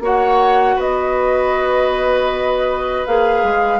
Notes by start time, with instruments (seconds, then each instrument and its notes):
0.00 bassoon A#3, clarinet F#4, oboe C#5, flute F#5
0.76 bassoon B3, oboe B4, flute D#5
3.06 bassoon A#3, clarinet G#4, flute F5
3.43 bassoon G#3